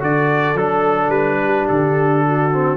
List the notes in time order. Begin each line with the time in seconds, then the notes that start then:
0.00 D3 F#4 A4 D5
0.55 F#3 D4 A4
1.09 G3 B4
1.45 G4
1.68 D3 A4
2.26 F#4
2.52 C4